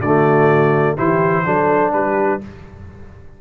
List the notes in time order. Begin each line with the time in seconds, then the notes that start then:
0.00 D3 A3 F#4 D5
0.94 E3 E4 G4 C5
1.45 F#3 D4 A4
1.92 G3 G4 B4